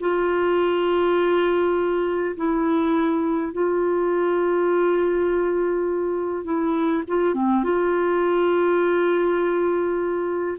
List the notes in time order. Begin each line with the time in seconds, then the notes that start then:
0.00 F4
2.36 E4
3.53 F4
6.44 E4
7.08 F4
7.34 C4
7.64 F4